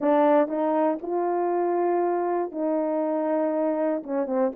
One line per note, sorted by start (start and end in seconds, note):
0.00 0.48 D4
0.48 0.98 D#4
1.02 2.51 F4
2.51 4.02 D#4
4.03 4.26 C#4
4.26 4.51 C4